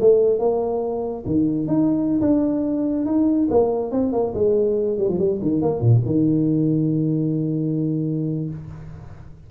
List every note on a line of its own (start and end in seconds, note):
0.00 0.39 A3
0.39 1.24 A#3
1.25 1.67 D#3
1.67 2.20 D#4
2.21 3.05 D4
3.05 3.48 D#4
3.50 3.91 A#3
3.91 4.12 C4
4.12 4.33 A#3
4.34 4.97 G#3
4.97 5.08 G3
5.08 5.19 F3
5.19 5.40 G3
5.41 5.62 D#3
5.62 5.80 A#3
5.80 6.02 A#2
6.05 8.50 D#3